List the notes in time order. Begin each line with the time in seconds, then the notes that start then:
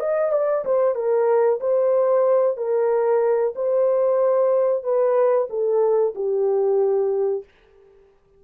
0.00 D#5
0.32 D5
0.65 C5
0.95 A#4
1.60 C5
2.57 A#4
3.55 C5
4.83 B4
5.50 A4
6.15 G4